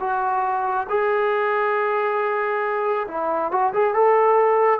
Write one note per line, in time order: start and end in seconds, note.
0.00 0.87 F#4
0.89 3.07 G#4
3.08 3.51 E4
3.51 3.73 F#4
3.73 3.94 G#4
3.94 4.80 A4